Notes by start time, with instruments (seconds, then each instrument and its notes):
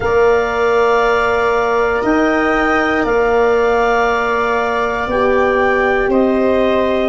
0.00 tuba A#3, horn A#4, viola D5, clarinet F5
2.03 tuba D#4, viola D#5, clarinet G5
3.03 tuba A#3, viola D5, clarinet F5
5.07 tuba B3, horn G4, clarinet G5
6.08 tuba C4, viola C5, clarinet D#5